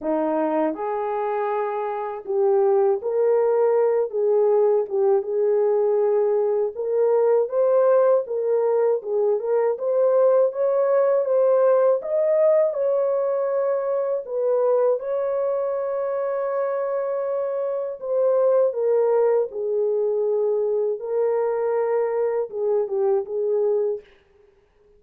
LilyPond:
\new Staff \with { instrumentName = "horn" } { \time 4/4 \tempo 4 = 80 dis'4 gis'2 g'4 | ais'4. gis'4 g'8 gis'4~ | gis'4 ais'4 c''4 ais'4 | gis'8 ais'8 c''4 cis''4 c''4 |
dis''4 cis''2 b'4 | cis''1 | c''4 ais'4 gis'2 | ais'2 gis'8 g'8 gis'4 | }